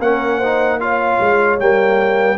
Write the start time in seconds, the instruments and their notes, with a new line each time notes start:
0.00 tuba A#3, trombone C#4, horn A#4, trumpet F#5
0.38 trombone D#4, horn C5
0.80 trombone F4, horn C#5, trumpet F5
1.21 tuba G#3
1.60 tuba G3, trombone A#3, trumpet G5